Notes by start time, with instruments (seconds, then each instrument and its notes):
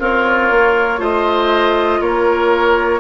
0.00 bassoon C4, oboe F4, clarinet A#4, flute C#5
0.51 bassoon A#3
0.99 bassoon A3, clarinet F4, oboe C5, flute D#5
2.01 bassoon A#3, oboe A#4, flute C#5